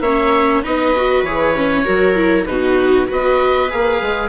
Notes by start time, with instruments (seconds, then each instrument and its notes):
0.00 bassoon A#3, viola C#4 C#5, oboe E5
0.63 bassoon B3, viola D#4 B4, oboe D#5
0.96 viola F#4
1.22 bassoon E3, viola G#4, oboe C#5
1.55 viola C#4
1.84 bassoon F#3, viola F#4 A#4
2.15 viola E4
2.45 bassoon B2, viola D#4 F#4, oboe B4
3.07 bassoon B3, viola F#4 B4, oboe D#5
3.69 bassoon A#3, viola G#4, oboe F5
4.01 bassoon G#3